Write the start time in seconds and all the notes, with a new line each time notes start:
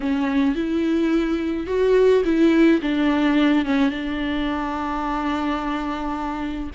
0.00 C#4
0.55 E4
1.67 F#4
2.24 E4
2.81 D4
3.65 C#4
3.89 D4